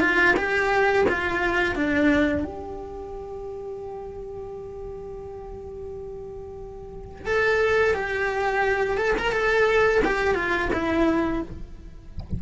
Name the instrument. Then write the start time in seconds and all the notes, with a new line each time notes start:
cello
0.00 F4
0.36 G4
1.08 F4
1.75 D4
2.44 G4
7.25 A4
7.94 G4
8.97 A4
9.18 A#4
9.32 A4
10.04 G4
10.34 F4
10.73 E4